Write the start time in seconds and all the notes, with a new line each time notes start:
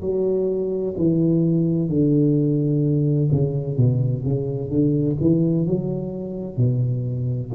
0.00 F#3
0.97 E3
1.88 D3
3.31 C#3
3.77 B2
4.24 C#3
4.69 D3
5.20 E3
5.66 F#3
6.57 B2